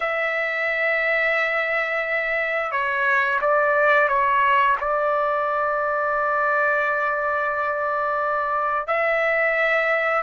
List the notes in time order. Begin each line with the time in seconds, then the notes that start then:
0.00 E5
2.71 C#5
3.41 D5
4.08 C#5
4.80 D5
8.87 E5